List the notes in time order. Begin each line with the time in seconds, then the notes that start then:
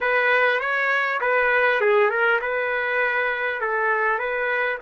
0.00 B4
0.60 C#5
1.20 B4
1.81 G#4
2.09 A#4
2.41 B4
3.60 A4
4.18 B4